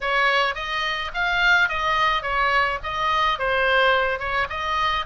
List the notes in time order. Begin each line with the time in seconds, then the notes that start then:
0.01 C#5
0.55 D#5
1.14 F5
1.68 D#5
2.22 C#5
2.83 D#5
3.38 C5
4.19 C#5
4.49 D#5